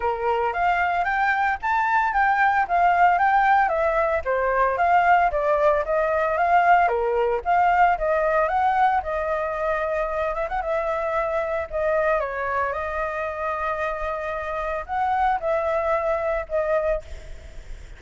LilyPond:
\new Staff \with { instrumentName = "flute" } { \time 4/4 \tempo 4 = 113 ais'4 f''4 g''4 a''4 | g''4 f''4 g''4 e''4 | c''4 f''4 d''4 dis''4 | f''4 ais'4 f''4 dis''4 |
fis''4 dis''2~ dis''8 e''16 fis''16 | e''2 dis''4 cis''4 | dis''1 | fis''4 e''2 dis''4 | }